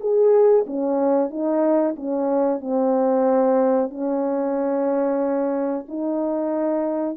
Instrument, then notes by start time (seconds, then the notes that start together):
horn
0.00 G#4
0.66 C#4
1.30 D#4
1.96 C#4
2.61 C4
3.90 C#4
5.88 D#4